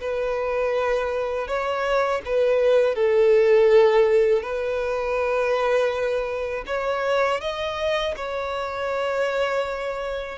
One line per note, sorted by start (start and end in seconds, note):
0.00 1.47 B4
1.47 2.22 C#5
2.25 2.95 B4
2.95 4.42 A4
4.42 6.64 B4
6.66 7.40 C#5
7.41 8.15 D#5
8.16 10.38 C#5